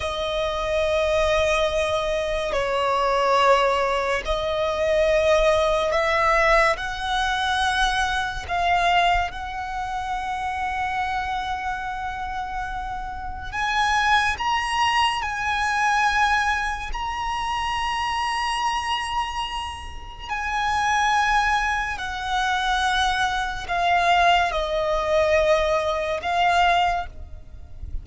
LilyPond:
\new Staff \with { instrumentName = "violin" } { \time 4/4 \tempo 4 = 71 dis''2. cis''4~ | cis''4 dis''2 e''4 | fis''2 f''4 fis''4~ | fis''1 |
gis''4 ais''4 gis''2 | ais''1 | gis''2 fis''2 | f''4 dis''2 f''4 | }